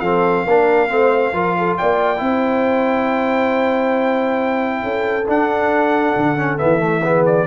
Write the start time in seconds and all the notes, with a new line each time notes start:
0.00 F3 C4 A4 F5
0.45 A#3 D4 A#4
0.88 A3 C4 C5
1.33 F3 F4 A#4
1.58 A4
1.77 A#3 D5 G5
2.17 C4 E4
2.23 C5
4.82 C#4 A4
5.27 D4 F#5
6.16 D3
6.36 C#4
6.58 E3 B3 E5
6.79 A3
7.03 B3 G#4
7.25 D5